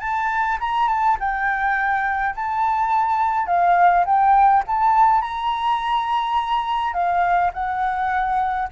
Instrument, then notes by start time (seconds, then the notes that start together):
flute
0.00 A5
0.60 A#5
0.88 A5
1.20 G5
2.35 A5
3.47 F5
4.05 G5
4.67 A5
5.21 A#5
6.93 F5
7.53 F#5